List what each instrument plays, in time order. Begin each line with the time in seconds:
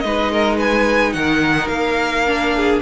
0.00 cello G#3, viola D#4, violin B4 D#5
0.32 violin A#4
0.57 violin B4 G#5
1.13 cello D#3, violin A#4 F#5
1.68 cello A#3, violin F5
2.27 viola D4
2.56 violin G#4